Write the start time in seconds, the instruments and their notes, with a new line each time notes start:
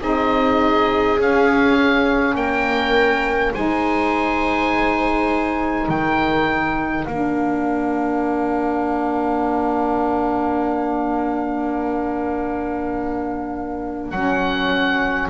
0.00 double bass C4, saxophone D#4, viola G#4, oboe D#5
1.19 double bass C#4, saxophone C#4, oboe F5
2.35 double bass A#3, viola A#4, oboe G5
3.54 double bass G#3, saxophone D#4, viola C5, oboe G#5
5.88 double bass D#3, viola A#4, oboe G5
7.06 double bass A#3, saxophone D4, oboe F5
14.11 double bass F#3, saxophone C#4, oboe F#5